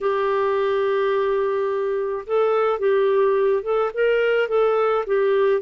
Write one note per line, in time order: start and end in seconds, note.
0.00 2.25 G4
2.26 2.79 A4
2.79 3.62 G4
3.62 3.90 A4
3.94 4.48 A#4
4.48 5.04 A4
5.06 5.61 G4